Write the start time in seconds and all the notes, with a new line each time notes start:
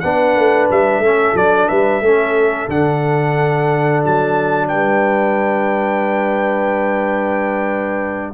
0.00 B3 D4 B4 F#5
0.36 A3
0.71 G3 E5
0.99 A3 C#4 A4
1.34 F#3 D4 D5
1.68 G3 B4 E5
2.01 A3 C#4 A4
2.68 D3 D4 F#5
4.05 F#3 A5
4.68 G3 B4 G5